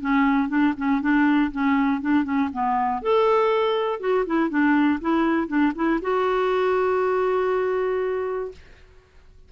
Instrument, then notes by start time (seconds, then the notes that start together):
clarinet
0.00 C#4
0.48 D4
0.77 C#4
1.01 D4
1.51 C#4
2.01 D4
2.24 C#4
2.52 B3
3.02 A4
4.00 F#4
4.26 E4
4.49 D4
5.00 E4
5.47 D4
5.75 E4
6.01 F#4